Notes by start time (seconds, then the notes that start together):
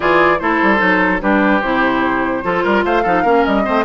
0.00 E3 F4 G#4 D5
0.39 A3 E4 A4 C5
0.62 G3
0.78 F#3 D#4
1.20 G3 D4 G4 B4
1.61 C3 E4 C5
2.42 F3 F4 A4
2.63 G3 A#4
2.84 A3 C5 F5
3.02 F3 D#4 A4
3.22 A#3 C#4 A#4
3.45 G3 D#5
3.64 A3 C4 C5